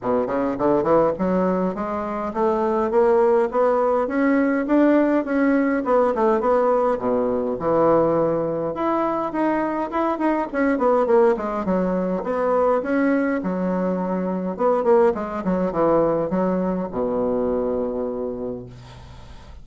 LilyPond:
\new Staff \with { instrumentName = "bassoon" } { \time 4/4 \tempo 4 = 103 b,8 cis8 d8 e8 fis4 gis4 | a4 ais4 b4 cis'4 | d'4 cis'4 b8 a8 b4 | b,4 e2 e'4 |
dis'4 e'8 dis'8 cis'8 b8 ais8 gis8 | fis4 b4 cis'4 fis4~ | fis4 b8 ais8 gis8 fis8 e4 | fis4 b,2. | }